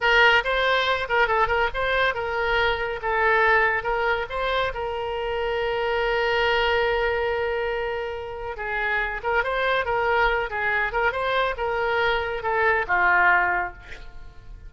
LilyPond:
\new Staff \with { instrumentName = "oboe" } { \time 4/4 \tempo 4 = 140 ais'4 c''4. ais'8 a'8 ais'8 | c''4 ais'2 a'4~ | a'4 ais'4 c''4 ais'4~ | ais'1~ |
ais'1 | gis'4. ais'8 c''4 ais'4~ | ais'8 gis'4 ais'8 c''4 ais'4~ | ais'4 a'4 f'2 | }